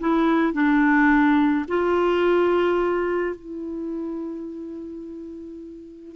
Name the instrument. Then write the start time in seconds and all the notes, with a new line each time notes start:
clarinet
0.00 E4
0.54 D4
1.68 F4
3.36 E4